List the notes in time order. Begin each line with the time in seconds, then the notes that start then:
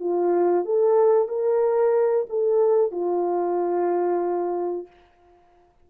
0.00 F4
0.65 A4
1.29 A#4
2.30 A4
2.92 F4